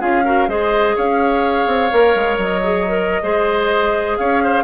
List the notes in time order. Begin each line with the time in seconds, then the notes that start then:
0.00 C#4 F4 G#4 F5
0.25 F#4 A#4
0.48 G#3 G#4 C5 D#5
0.96 C#4 C#5 F5
1.67 C4
1.92 A#3 A#4
2.15 G#3
2.38 F#3 D#5
2.63 G#4
2.88 A#4
3.23 G#3 G#4 C5
4.17 C#4 C#5 F5
4.44 C5